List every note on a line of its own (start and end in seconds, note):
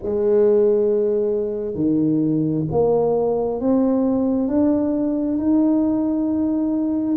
0.02 1.75 G#3
1.75 2.64 D#3
2.71 3.60 A#3
3.60 4.48 C4
4.48 5.37 D4
5.37 7.16 D#4